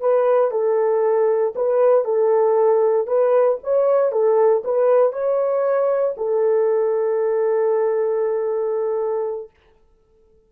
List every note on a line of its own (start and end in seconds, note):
0.00 0.51 B4
0.51 1.53 A4
1.55 2.04 B4
2.04 3.07 A4
3.07 3.58 B4
3.63 4.11 C#5
4.11 4.63 A4
4.64 5.12 B4
5.12 6.15 C#5
6.17 9.50 A4